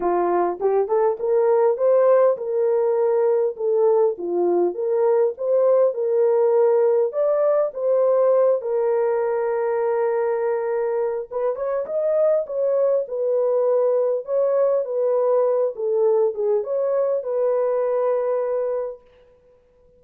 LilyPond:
\new Staff \with { instrumentName = "horn" } { \time 4/4 \tempo 4 = 101 f'4 g'8 a'8 ais'4 c''4 | ais'2 a'4 f'4 | ais'4 c''4 ais'2 | d''4 c''4. ais'4.~ |
ais'2. b'8 cis''8 | dis''4 cis''4 b'2 | cis''4 b'4. a'4 gis'8 | cis''4 b'2. | }